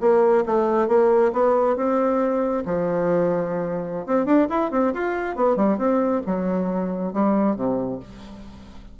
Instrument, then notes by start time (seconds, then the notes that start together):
bassoon
0.00 A#3
0.46 A3
0.88 A#3
1.32 B3
1.76 C4
2.65 F3
4.06 C4
4.25 D4
4.49 E4
4.71 C4
4.93 F4
5.35 B3
5.56 G3
5.77 C4
6.26 F#3
7.12 G3
7.55 C3